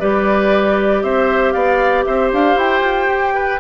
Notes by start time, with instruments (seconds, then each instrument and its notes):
0.00 bassoon G3, clarinet G4, oboe B4, flute D5
1.03 bassoon C4, oboe C5, flute E5
1.53 bassoon B3, oboe D5, flute F5
2.05 bassoon C4, oboe C5, flute E5
2.32 bassoon D4, flute F5
2.56 bassoon E4, flute G5
2.80 bassoon F4
3.07 bassoon G4
3.35 oboe B4